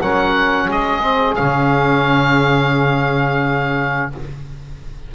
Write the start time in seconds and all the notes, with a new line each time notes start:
0.00 F#3 C#4 A#4 F#5
0.68 G#3 G#4 D#5
1.02 C4
1.36 C#3 C#4 F5